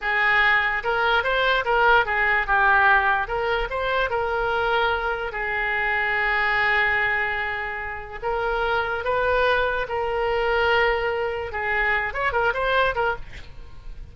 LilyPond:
\new Staff \with { instrumentName = "oboe" } { \time 4/4 \tempo 4 = 146 gis'2 ais'4 c''4 | ais'4 gis'4 g'2 | ais'4 c''4 ais'2~ | ais'4 gis'2.~ |
gis'1 | ais'2 b'2 | ais'1 | gis'4. cis''8 ais'8 c''4 ais'8 | }